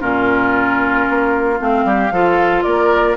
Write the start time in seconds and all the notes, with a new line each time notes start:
0.00 A#2 C#4 F4 A#4
1.10 A#3
1.58 A3 C4 F5
1.85 G3 G4
2.12 F3 F4 A4
2.63 A#3 A#4 D5